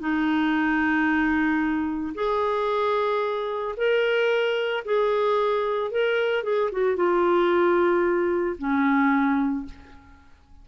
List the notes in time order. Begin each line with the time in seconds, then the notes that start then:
0.00 D#4
2.15 G#4
3.77 A#4
4.85 G#4
5.91 A#4
6.44 G#4
6.72 F#4
6.96 F4
8.58 C#4